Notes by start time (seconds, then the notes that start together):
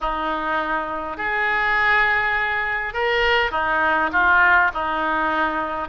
0.00 D#4
1.17 G#4
2.93 A#4
3.51 D#4
4.12 F4
4.73 D#4